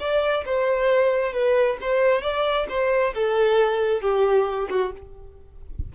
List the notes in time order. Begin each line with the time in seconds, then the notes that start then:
0.00 D5
0.46 C5
1.33 B4
1.81 C5
2.22 D5
2.69 C5
3.14 A4
4.02 G4
4.70 F#4